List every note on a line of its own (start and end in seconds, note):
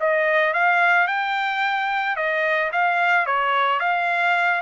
0.00 0.54 D#5
0.54 1.07 F5
1.07 2.16 G5
2.16 2.71 D#5
2.72 3.26 F5
3.26 3.80 C#5
3.80 4.61 F5